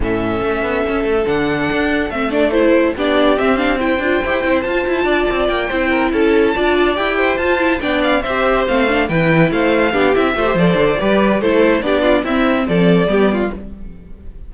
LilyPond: <<
  \new Staff \with { instrumentName = "violin" } { \time 4/4 \tempo 4 = 142 e''2. fis''4~ | fis''4 e''8 d''8 c''4 d''4 | e''8 f''8 g''2 a''4~ | a''4 g''4. a''4.~ |
a''8 g''4 a''4 g''8 f''8 e''8~ | e''8 f''4 g''4 f''4. | e''4 d''2 c''4 | d''4 e''4 d''2 | }
  \new Staff \with { instrumentName = "violin" } { \time 4/4 a'1~ | a'2. g'4~ | g'4 c''2. | d''4. c''8 ais'8 a'4 d''8~ |
d''4 c''4. d''4 c''8~ | c''4. b'4 c''4 g'8~ | g'8 c''4. b'4 a'4 | g'8 f'8 e'4 a'4 g'8 f'8 | }
  \new Staff \with { instrumentName = "viola" } { \time 4/4 cis'2. d'4~ | d'4 c'8 d'8 e'4 d'4 | c'8 d'8 e'8 f'8 g'8 e'8 f'4~ | f'4. e'2 f'8~ |
f'8 g'4 f'8 e'8 d'4 g'8~ | g'8 c'8 d'8 e'2 d'8 | e'8 f'16 g'16 a'4 g'4 e'4 | d'4 c'2 b4 | }
  \new Staff \with { instrumentName = "cello" } { \time 4/4 a,4 a8 b8 cis'8 a8 d4 | d'4 a2 b4 | c'4. d'8 e'8 c'8 f'8 e'8 | d'8 c'8 ais8 c'4 cis'4 d'8~ |
d'8 e'4 f'4 b4 c'8~ | c'8 a4 e4 a4 b8 | c'8 a8 f8 d8 g4 a4 | b4 c'4 f4 g4 | }
>>